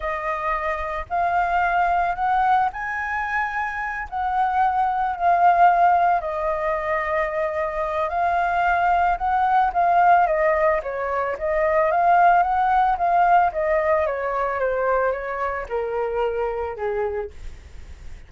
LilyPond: \new Staff \with { instrumentName = "flute" } { \time 4/4 \tempo 4 = 111 dis''2 f''2 | fis''4 gis''2~ gis''8 fis''8~ | fis''4. f''2 dis''8~ | dis''2. f''4~ |
f''4 fis''4 f''4 dis''4 | cis''4 dis''4 f''4 fis''4 | f''4 dis''4 cis''4 c''4 | cis''4 ais'2 gis'4 | }